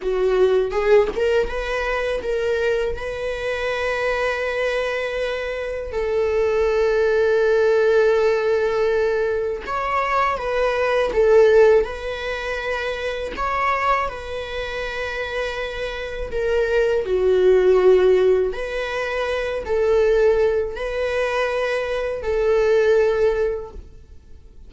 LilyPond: \new Staff \with { instrumentName = "viola" } { \time 4/4 \tempo 4 = 81 fis'4 gis'8 ais'8 b'4 ais'4 | b'1 | a'1~ | a'4 cis''4 b'4 a'4 |
b'2 cis''4 b'4~ | b'2 ais'4 fis'4~ | fis'4 b'4. a'4. | b'2 a'2 | }